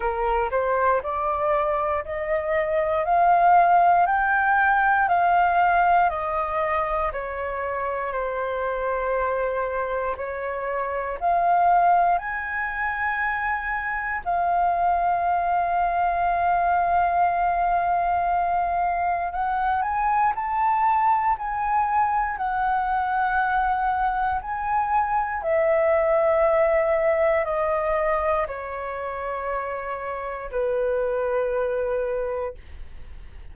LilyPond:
\new Staff \with { instrumentName = "flute" } { \time 4/4 \tempo 4 = 59 ais'8 c''8 d''4 dis''4 f''4 | g''4 f''4 dis''4 cis''4 | c''2 cis''4 f''4 | gis''2 f''2~ |
f''2. fis''8 gis''8 | a''4 gis''4 fis''2 | gis''4 e''2 dis''4 | cis''2 b'2 | }